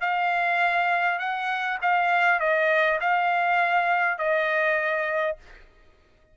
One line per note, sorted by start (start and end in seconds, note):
0.00 1.19 F5
1.19 1.78 F#5
1.81 2.40 F5
2.40 2.99 D#5
3.00 4.18 F5
4.18 5.37 D#5